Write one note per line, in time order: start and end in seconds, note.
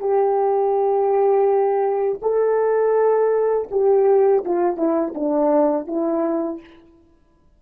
0.00 2.20 G4
2.22 3.69 A4
3.71 4.44 G4
4.45 4.77 F4
4.77 5.14 E4
5.15 5.87 D4
5.87 6.61 E4